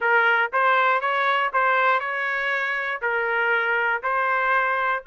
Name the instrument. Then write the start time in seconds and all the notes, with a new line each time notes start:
trumpet
0.00 A#4
0.52 C5
1.01 C#5
1.53 C5
1.99 C#5
3.01 A#4
4.02 C5